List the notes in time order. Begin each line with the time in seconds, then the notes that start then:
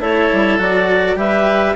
0.00 A3 E4 A4 C#5
0.33 G3
0.58 F#3 F#4 D5
1.16 G3 G4 B4 E5